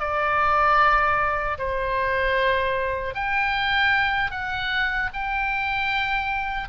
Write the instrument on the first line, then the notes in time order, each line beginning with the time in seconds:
oboe
0.00 D5
1.58 C5
3.15 G5
4.31 F#5
5.14 G5